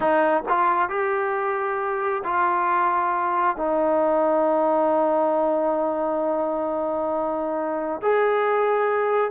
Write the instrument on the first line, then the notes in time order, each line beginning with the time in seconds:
trombone
0.00 D#4
0.48 F4
0.89 G4
2.23 F4
3.56 D#4
8.01 G#4